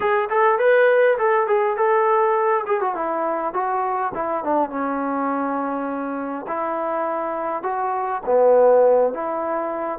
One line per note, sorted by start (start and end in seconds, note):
0.00 0.29 G#4
0.30 0.59 A4
0.59 1.17 B4
1.18 1.47 A4
1.47 1.76 G#4
1.76 2.64 A4
2.66 2.80 G#4
2.80 2.95 F#4
2.95 3.53 E4
3.53 4.12 F#4
4.14 4.44 E4
4.44 4.69 D4
4.69 6.46 C#4
6.47 7.62 E4
7.62 8.21 F#4
8.25 9.13 B3
9.13 9.99 E4